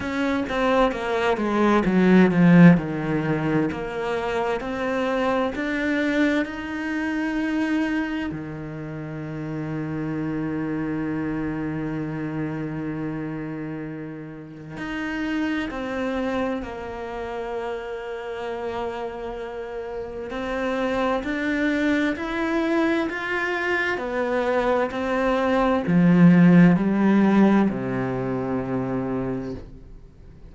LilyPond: \new Staff \with { instrumentName = "cello" } { \time 4/4 \tempo 4 = 65 cis'8 c'8 ais8 gis8 fis8 f8 dis4 | ais4 c'4 d'4 dis'4~ | dis'4 dis2.~ | dis1 |
dis'4 c'4 ais2~ | ais2 c'4 d'4 | e'4 f'4 b4 c'4 | f4 g4 c2 | }